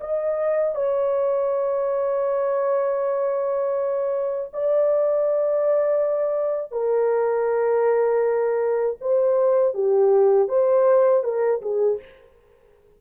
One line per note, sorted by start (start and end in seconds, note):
0.00 0.75 D#5
0.75 4.50 C#5
4.53 6.71 D5
6.71 8.96 A#4
9.00 9.74 C5
9.74 10.48 G4
10.48 11.23 C5
11.23 11.61 A#4
11.61 11.99 G#4